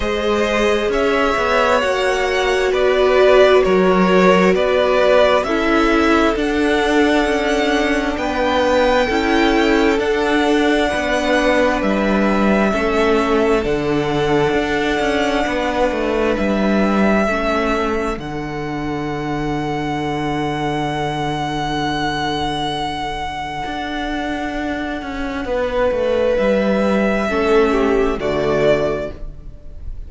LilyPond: <<
  \new Staff \with { instrumentName = "violin" } { \time 4/4 \tempo 4 = 66 dis''4 e''4 fis''4 d''4 | cis''4 d''4 e''4 fis''4~ | fis''4 g''2 fis''4~ | fis''4 e''2 fis''4~ |
fis''2 e''2 | fis''1~ | fis''1~ | fis''4 e''2 d''4 | }
  \new Staff \with { instrumentName = "violin" } { \time 4/4 c''4 cis''2 b'4 | ais'4 b'4 a'2~ | a'4 b'4 a'2 | b'2 a'2~ |
a'4 b'2 a'4~ | a'1~ | a'1 | b'2 a'8 g'8 fis'4 | }
  \new Staff \with { instrumentName = "viola" } { \time 4/4 gis'2 fis'2~ | fis'2 e'4 d'4~ | d'2 e'4 d'4~ | d'2 cis'4 d'4~ |
d'2. cis'4 | d'1~ | d'1~ | d'2 cis'4 a4 | }
  \new Staff \with { instrumentName = "cello" } { \time 4/4 gis4 cis'8 b8 ais4 b4 | fis4 b4 cis'4 d'4 | cis'4 b4 cis'4 d'4 | b4 g4 a4 d4 |
d'8 cis'8 b8 a8 g4 a4 | d1~ | d2 d'4. cis'8 | b8 a8 g4 a4 d4 | }
>>